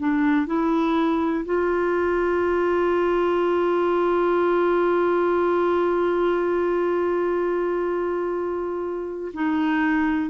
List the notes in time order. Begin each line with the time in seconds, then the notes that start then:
0.00 D4
0.47 E4
1.46 F4
9.34 D#4